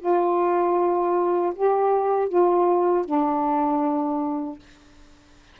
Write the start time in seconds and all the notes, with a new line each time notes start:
0.00 F4
1.56 G4
2.29 F4
3.06 D4